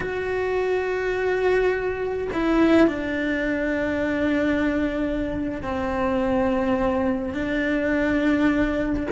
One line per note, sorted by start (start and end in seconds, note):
0.00 2.28 F#4
2.33 2.87 E4
2.87 5.61 D4
5.61 7.33 C4
7.33 9.07 D4